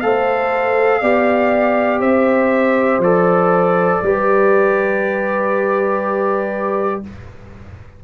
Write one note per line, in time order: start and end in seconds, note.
0.00 1.02 A3
0.00 1.02 A4
0.00 1.00 C5
0.00 2.00 F5
1.00 2.01 B3
1.00 3.02 G4
1.00 2.00 D5
2.00 2.98 C4
2.00 4.00 C5
2.00 3.01 E5
2.98 3.98 F3
2.98 4.03 A4
2.98 7.02 D5
4.02 7.02 G3
4.02 7.03 G4
4.02 7.04 B4